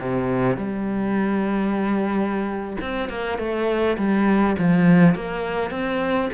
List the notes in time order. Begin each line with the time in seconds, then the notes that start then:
0.00 C3
0.56 G3
2.81 C4
3.09 A#3
3.38 A3
3.97 G3
4.59 F3
5.15 A#3
5.71 C4